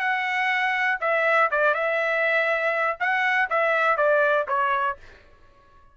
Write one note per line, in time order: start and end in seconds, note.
0.00 0.98 F#5
1.01 1.50 E5
1.51 1.75 D5
1.75 2.98 E5
3.00 3.49 F#5
3.50 3.97 E5
3.97 4.46 D5
4.48 4.97 C#5